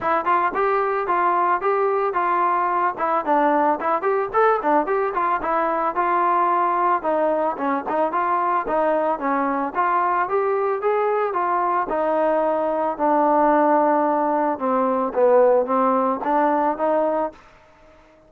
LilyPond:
\new Staff \with { instrumentName = "trombone" } { \time 4/4 \tempo 4 = 111 e'8 f'8 g'4 f'4 g'4 | f'4. e'8 d'4 e'8 g'8 | a'8 d'8 g'8 f'8 e'4 f'4~ | f'4 dis'4 cis'8 dis'8 f'4 |
dis'4 cis'4 f'4 g'4 | gis'4 f'4 dis'2 | d'2. c'4 | b4 c'4 d'4 dis'4 | }